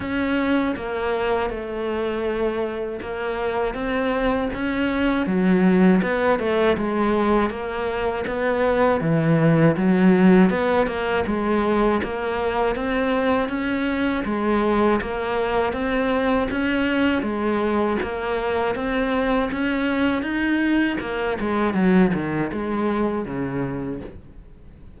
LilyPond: \new Staff \with { instrumentName = "cello" } { \time 4/4 \tempo 4 = 80 cis'4 ais4 a2 | ais4 c'4 cis'4 fis4 | b8 a8 gis4 ais4 b4 | e4 fis4 b8 ais8 gis4 |
ais4 c'4 cis'4 gis4 | ais4 c'4 cis'4 gis4 | ais4 c'4 cis'4 dis'4 | ais8 gis8 fis8 dis8 gis4 cis4 | }